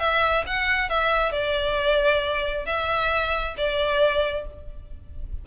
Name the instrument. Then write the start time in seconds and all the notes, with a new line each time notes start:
violin
0.00 E5
0.47 F#5
0.90 E5
1.32 D5
2.66 E5
3.58 D5